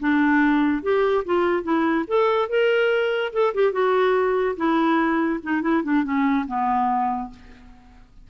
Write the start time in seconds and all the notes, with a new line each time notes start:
0.00 D4
0.83 G4
1.25 F4
1.63 E4
2.07 A4
2.49 A#4
3.33 A4
3.54 G4
3.73 F#4
4.57 E4
5.43 D#4
5.62 E4
5.84 D4
6.04 C#4
6.47 B3